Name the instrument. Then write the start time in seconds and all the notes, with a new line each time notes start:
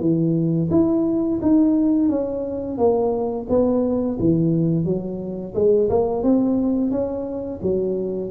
tuba
0.00 E3
0.71 E4
1.42 D#4
2.09 C#4
2.78 A#3
3.49 B3
4.19 E3
4.85 F#3
5.55 G#3
5.89 A#3
6.23 C4
6.91 C#4
7.62 F#3